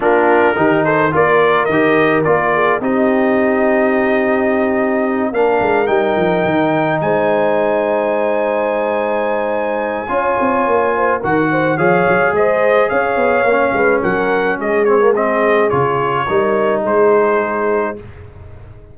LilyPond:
<<
  \new Staff \with { instrumentName = "trumpet" } { \time 4/4 \tempo 4 = 107 ais'4. c''8 d''4 dis''4 | d''4 dis''2.~ | dis''4. f''4 g''4.~ | g''8 gis''2.~ gis''8~ |
gis''1 | fis''4 f''4 dis''4 f''4~ | f''4 fis''4 dis''8 cis''8 dis''4 | cis''2 c''2 | }
  \new Staff \with { instrumentName = "horn" } { \time 4/4 f'4 g'8 a'8 ais'2~ | ais'8 gis'8 g'2.~ | g'4. ais'2~ ais'8~ | ais'8 c''2.~ c''8~ |
c''2 cis''4. c''8 | ais'8 c''8 cis''4 c''4 cis''4~ | cis''8 b'8 ais'4 gis'2~ | gis'4 ais'4 gis'2 | }
  \new Staff \with { instrumentName = "trombone" } { \time 4/4 d'4 dis'4 f'4 g'4 | f'4 dis'2.~ | dis'4. d'4 dis'4.~ | dis'1~ |
dis'2 f'2 | fis'4 gis'2. | cis'2~ cis'8 c'16 ais16 c'4 | f'4 dis'2. | }
  \new Staff \with { instrumentName = "tuba" } { \time 4/4 ais4 dis4 ais4 dis4 | ais4 c'2.~ | c'4. ais8 gis8 g8 f8 dis8~ | dis8 gis2.~ gis8~ |
gis2 cis'8 c'8 ais4 | dis4 f8 fis8 gis4 cis'8 b8 | ais8 gis8 fis4 gis2 | cis4 g4 gis2 | }
>>